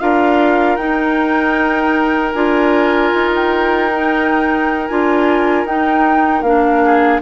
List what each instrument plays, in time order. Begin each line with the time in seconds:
0.00 bassoon D4, clarinet F4, oboe A#4, flute F5
0.76 bassoon D#4, clarinet D#4, flute G5
2.33 bassoon D4, clarinet F4, flute G#5
3.14 bassoon D#4
3.35 flute G5
3.92 clarinet D#4
4.87 bassoon D4, clarinet F4, flute G#5
5.65 bassoon D#4, clarinet D#4, flute G5
6.43 bassoon A#3, clarinet D4, flute F5
6.84 oboe G#4